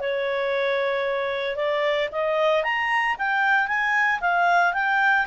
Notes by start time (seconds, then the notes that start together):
0.00 C#5
1.56 D5
2.12 D#5
2.64 A#5
3.18 G5
3.67 G#5
4.21 F5
4.74 G5